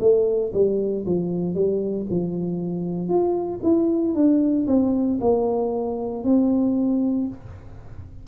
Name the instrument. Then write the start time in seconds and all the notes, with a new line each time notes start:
tuba
0.00 A3
0.54 G3
1.06 F3
1.55 G3
2.11 F3
3.09 F4
3.63 E4
4.15 D4
4.67 C4
5.21 A#3
6.24 C4